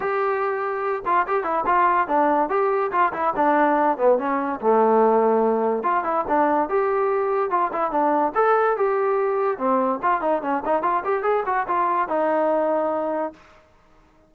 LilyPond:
\new Staff \with { instrumentName = "trombone" } { \time 4/4 \tempo 4 = 144 g'2~ g'8 f'8 g'8 e'8 | f'4 d'4 g'4 f'8 e'8 | d'4. b8 cis'4 a4~ | a2 f'8 e'8 d'4 |
g'2 f'8 e'8 d'4 | a'4 g'2 c'4 | f'8 dis'8 cis'8 dis'8 f'8 g'8 gis'8 fis'8 | f'4 dis'2. | }